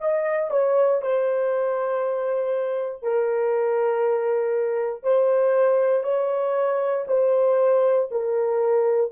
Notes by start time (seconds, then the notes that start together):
0.00 D#5
0.51 C#5
1.02 C5
3.03 A#4
5.03 C5
6.03 C#5
7.07 C5
8.11 A#4